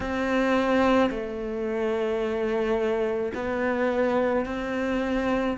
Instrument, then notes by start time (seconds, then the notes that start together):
cello
0.00 C4
1.10 A3
3.34 B3
4.45 C4